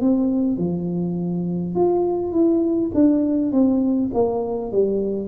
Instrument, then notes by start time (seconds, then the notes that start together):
tuba
0.00 C4
0.57 F3
1.75 F4
2.32 E4
2.94 D4
3.51 C4
4.13 A#3
4.72 G3